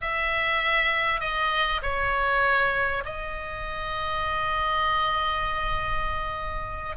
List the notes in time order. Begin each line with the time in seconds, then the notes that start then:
0.01 E5
1.20 D#5
1.82 C#5
3.05 D#5